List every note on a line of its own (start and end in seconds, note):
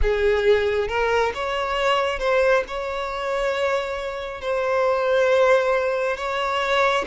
0.02 0.88 G#4
0.88 1.32 A#4
1.34 2.19 C#5
2.19 2.63 C5
2.67 4.41 C#5
4.41 6.16 C5
6.16 7.05 C#5